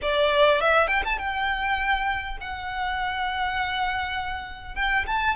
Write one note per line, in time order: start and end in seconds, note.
0.02 0.60 D5
0.60 0.87 E5
0.87 1.02 G5
1.04 1.18 A5
1.18 2.37 G5
2.40 4.75 F#5
4.75 5.05 G5
5.07 5.36 A5